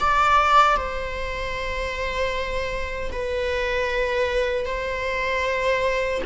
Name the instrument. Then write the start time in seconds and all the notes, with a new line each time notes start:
viola
0.00 D5
0.77 C5
3.12 B4
4.66 C5